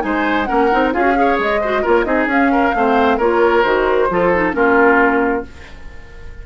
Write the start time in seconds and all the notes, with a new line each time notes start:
0.00 G#3 D#4 C5 G#5
0.44 A#3 C#4 A#4 F#5
0.71 C4 D#4
0.93 C#4 F4 G#4 F5
1.01 F#4
1.15 G#4 C#5
1.39 G#3 D#5
1.61 F#4 C5
1.82 A#3 F4 A#4 C#5
2.04 C4 D#4 G#4 D#5
2.26 C#4 F5
2.52 A#4
2.74 A3 C4 C5
3.17 A#3 F4 A#4 C#5
3.63 D#3 F#4 C5
4.10 F3 F4 A4
4.34 D#4
4.52 A#3 C#4 F4 A#4